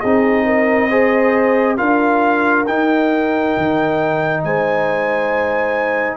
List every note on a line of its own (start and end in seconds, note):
0.00 1.80 C4
0.00 0.90 D#4
0.00 0.44 G#4
0.00 1.76 D#5
0.45 0.88 A#4
0.88 1.77 G#4
0.88 1.76 C5
1.77 2.68 D4
1.77 2.65 F4
1.77 4.42 A#4
1.77 2.65 F5
2.66 3.56 D#4
2.66 6.17 D#4
2.66 4.43 G5
3.57 4.44 D#3
4.44 6.17 G#3
4.44 6.17 C5
4.44 6.17 G#5